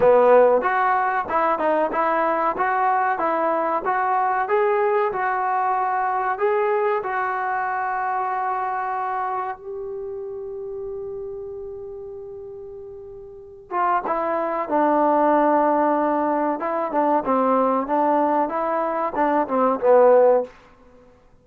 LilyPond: \new Staff \with { instrumentName = "trombone" } { \time 4/4 \tempo 4 = 94 b4 fis'4 e'8 dis'8 e'4 | fis'4 e'4 fis'4 gis'4 | fis'2 gis'4 fis'4~ | fis'2. g'4~ |
g'1~ | g'4. f'8 e'4 d'4~ | d'2 e'8 d'8 c'4 | d'4 e'4 d'8 c'8 b4 | }